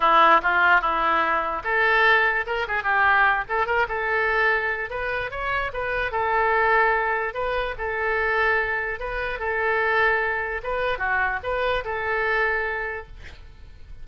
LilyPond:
\new Staff \with { instrumentName = "oboe" } { \time 4/4 \tempo 4 = 147 e'4 f'4 e'2 | a'2 ais'8 gis'8 g'4~ | g'8 a'8 ais'8 a'2~ a'8 | b'4 cis''4 b'4 a'4~ |
a'2 b'4 a'4~ | a'2 b'4 a'4~ | a'2 b'4 fis'4 | b'4 a'2. | }